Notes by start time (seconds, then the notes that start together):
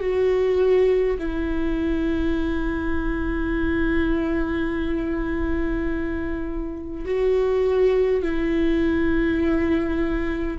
0.00 F#4
1.19 E4
7.05 F#4
8.22 E4